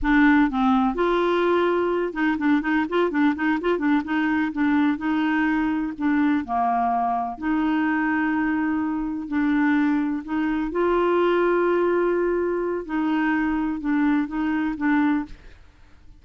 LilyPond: \new Staff \with { instrumentName = "clarinet" } { \time 4/4 \tempo 4 = 126 d'4 c'4 f'2~ | f'8 dis'8 d'8 dis'8 f'8 d'8 dis'8 f'8 | d'8 dis'4 d'4 dis'4.~ | dis'8 d'4 ais2 dis'8~ |
dis'2.~ dis'8 d'8~ | d'4. dis'4 f'4.~ | f'2. dis'4~ | dis'4 d'4 dis'4 d'4 | }